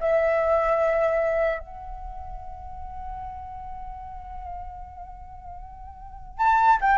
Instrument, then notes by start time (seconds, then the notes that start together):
flute
0.00 E5
1.59 F#5
6.38 A5
6.81 G5